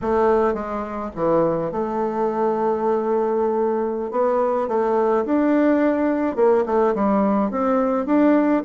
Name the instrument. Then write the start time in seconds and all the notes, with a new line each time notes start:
bassoon
0.01 A3
0.54 G#3
1.15 E3
1.71 A3
4.11 B3
4.68 A3
5.25 D4
6.36 A#3
6.66 A3
6.94 G3
7.50 C4
8.06 D4